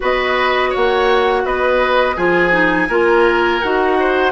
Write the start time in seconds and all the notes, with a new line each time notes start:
0.00 B3 F#4 B4 D#5
0.70 C#5 F#5
0.76 A#3
1.44 B3 B4 D#5
2.16 F3 F4 G#4 G#5
2.50 D#4
2.88 A#3 F4 A#4
3.61 D#4 F#4 F#5
3.99 C5